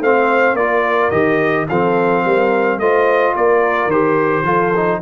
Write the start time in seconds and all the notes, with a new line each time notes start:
0.00 A3 C4 C5 F5
0.53 A#3 F4 A#4 D5
1.10 D#3 G4 D#5
1.69 F3 C4 A4 F5
2.24 G3 A#4
2.78 A3 F4 C5 D#5
3.34 A#3 A#4 D5
3.86 D#3 G4 C5
4.43 F3 F4 A4
4.76 D#4